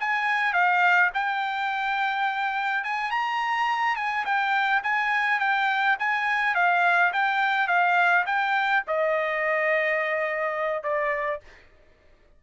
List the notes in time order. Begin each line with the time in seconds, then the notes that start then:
0.00 G#5
0.54 F5
1.14 G5
2.84 G#5
3.11 A#5
3.96 G#5
4.25 G5
4.83 G#5
5.40 G5
5.99 G#5
6.55 F5
7.13 G5
7.68 F5
8.26 G5
8.87 D#5
10.83 D5